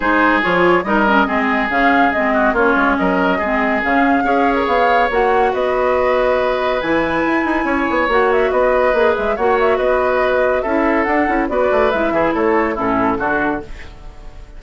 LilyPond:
<<
  \new Staff \with { instrumentName = "flute" } { \time 4/4 \tempo 4 = 141 c''4 cis''4 dis''2 | f''4 dis''4 cis''4 dis''4~ | dis''4 f''4.~ f''16 ais'16 f''4 | fis''4 dis''2. |
gis''2. fis''8 e''8 | dis''4. e''8 fis''8 e''8 dis''4~ | dis''4 e''4 fis''4 d''4 | e''4 cis''4 a'2 | }
  \new Staff \with { instrumentName = "oboe" } { \time 4/4 gis'2 ais'4 gis'4~ | gis'4. fis'8 f'4 ais'4 | gis'2 cis''2~ | cis''4 b'2.~ |
b'2 cis''2 | b'2 cis''4 b'4~ | b'4 a'2 b'4~ | b'8 gis'8 a'4 e'4 fis'4 | }
  \new Staff \with { instrumentName = "clarinet" } { \time 4/4 dis'4 f'4 dis'8 cis'8 c'4 | cis'4 c'4 cis'2 | c'4 cis'4 gis'2 | fis'1 |
e'2. fis'4~ | fis'4 gis'4 fis'2~ | fis'4 e'4 d'8 e'8 fis'4 | e'2 cis'4 d'4 | }
  \new Staff \with { instrumentName = "bassoon" } { \time 4/4 gis4 f4 g4 gis4 | cis4 gis4 ais8 gis8 fis4 | gis4 cis4 cis'4 b4 | ais4 b2. |
e4 e'8 dis'8 cis'8 b8 ais4 | b4 ais8 gis8 ais4 b4~ | b4 cis'4 d'8 cis'8 b8 a8 | gis8 e8 a4 a,4 d4 | }
>>